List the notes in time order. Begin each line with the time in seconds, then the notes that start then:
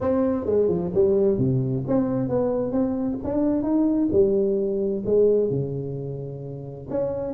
0.00 C4
0.45 G#3
0.68 F3
0.94 G3
1.38 C3
1.87 C4
2.28 B3
2.71 C4
3.24 D4
3.62 D#4
4.12 G3
5.05 G#3
5.50 C#3
6.90 C#4